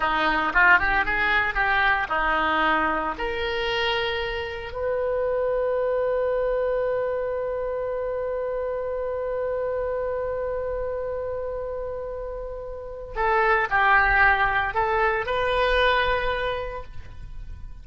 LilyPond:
\new Staff \with { instrumentName = "oboe" } { \time 4/4 \tempo 4 = 114 dis'4 f'8 g'8 gis'4 g'4 | dis'2 ais'2~ | ais'4 b'2.~ | b'1~ |
b'1~ | b'1~ | b'4 a'4 g'2 | a'4 b'2. | }